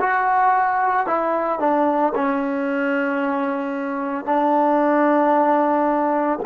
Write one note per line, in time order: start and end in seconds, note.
0.00 1.06 F#4
1.06 1.59 E4
1.59 2.13 D4
2.15 4.25 C#4
4.25 6.39 D4